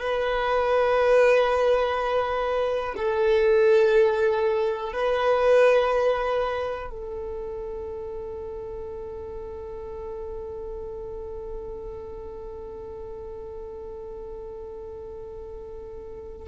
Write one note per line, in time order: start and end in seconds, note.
0.00 2.95 B4
2.97 4.93 A4
4.93 6.90 B4
6.90 16.48 A4